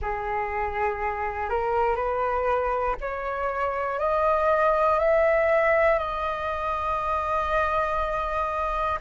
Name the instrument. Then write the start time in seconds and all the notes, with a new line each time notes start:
flute
0.01 G#4
1.50 A#4
1.95 B4
3.00 C#5
3.99 D#5
4.99 E5
5.98 D#5